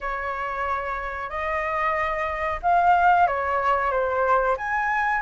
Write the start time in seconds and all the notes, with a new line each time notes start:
0.00 C#5
1.29 D#5
2.62 F5
3.27 C#5
3.91 C5
4.57 G#5